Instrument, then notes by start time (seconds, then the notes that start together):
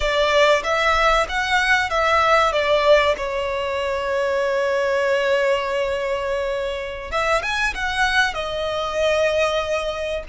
violin
0.00 D5
0.63 E5
1.28 F#5
1.89 E5
2.52 D5
3.17 C#5
7.11 E5
7.42 G#5
7.74 F#5
8.34 D#5